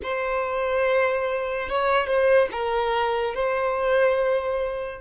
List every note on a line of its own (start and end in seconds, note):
0.02 1.69 C5
1.69 2.06 C#5
2.06 2.48 C5
2.51 3.34 A#4
3.34 5.00 C5